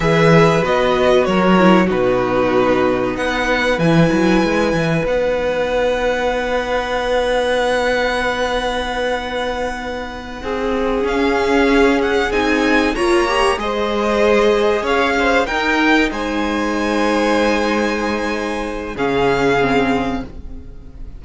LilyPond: <<
  \new Staff \with { instrumentName = "violin" } { \time 4/4 \tempo 4 = 95 e''4 dis''4 cis''4 b'4~ | b'4 fis''4 gis''2 | fis''1~ | fis''1~ |
fis''4. f''4. fis''8 gis''8~ | gis''8 ais''4 dis''2 f''8~ | f''8 g''4 gis''2~ gis''8~ | gis''2 f''2 | }
  \new Staff \with { instrumentName = "violin" } { \time 4/4 b'2 ais'4 fis'4~ | fis'4 b'2.~ | b'1~ | b'1~ |
b'8 gis'2.~ gis'8~ | gis'8 cis''4 c''2 cis''8 | c''8 ais'4 c''2~ c''8~ | c''2 gis'2 | }
  \new Staff \with { instrumentName = "viola" } { \time 4/4 gis'4 fis'4. e'8 dis'4~ | dis'2 e'2 | dis'1~ | dis'1~ |
dis'4. cis'2 dis'8~ | dis'8 f'8 g'8 gis'2~ gis'8~ | gis'8 dis'2.~ dis'8~ | dis'2 cis'4 c'4 | }
  \new Staff \with { instrumentName = "cello" } { \time 4/4 e4 b4 fis4 b,4~ | b,4 b4 e8 fis8 gis8 e8 | b1~ | b1~ |
b8 c'4 cis'2 c'8~ | c'8 ais4 gis2 cis'8~ | cis'8 dis'4 gis2~ gis8~ | gis2 cis2 | }
>>